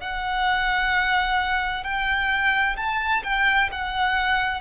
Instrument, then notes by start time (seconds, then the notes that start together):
violin
0.00 F#5
1.83 G5
2.77 A5
3.23 G5
3.71 F#5